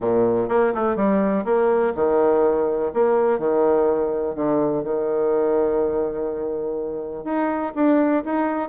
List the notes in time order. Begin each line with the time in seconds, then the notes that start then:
0.00 A#2
0.49 A#3
0.74 A3
0.96 G3
1.45 A#3
1.95 D#3
2.93 A#3
3.38 D#3
4.35 D3
4.83 D#3
7.24 D#4
7.75 D4
8.24 D#4